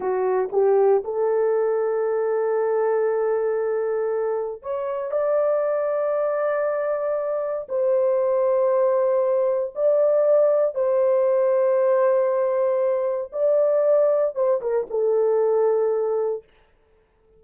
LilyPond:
\new Staff \with { instrumentName = "horn" } { \time 4/4 \tempo 4 = 117 fis'4 g'4 a'2~ | a'1~ | a'4 cis''4 d''2~ | d''2. c''4~ |
c''2. d''4~ | d''4 c''2.~ | c''2 d''2 | c''8 ais'8 a'2. | }